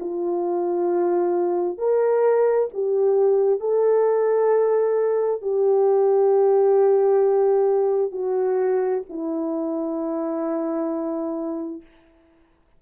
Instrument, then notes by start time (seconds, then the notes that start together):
horn
0.00 F4
1.78 A#4
2.74 G4
3.60 A4
5.41 G4
8.11 F#4
9.09 E4